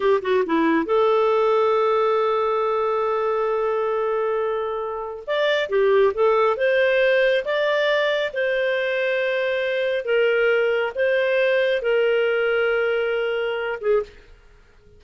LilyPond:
\new Staff \with { instrumentName = "clarinet" } { \time 4/4 \tempo 4 = 137 g'8 fis'8 e'4 a'2~ | a'1~ | a'1 | d''4 g'4 a'4 c''4~ |
c''4 d''2 c''4~ | c''2. ais'4~ | ais'4 c''2 ais'4~ | ais'2.~ ais'8 gis'8 | }